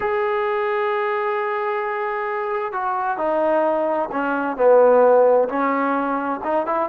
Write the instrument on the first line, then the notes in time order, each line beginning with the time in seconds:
trombone
0.00 G#4
2.72 F#4
3.17 D#4
4.12 C#4
4.57 B3
5.48 C#4
6.43 D#4
6.66 E4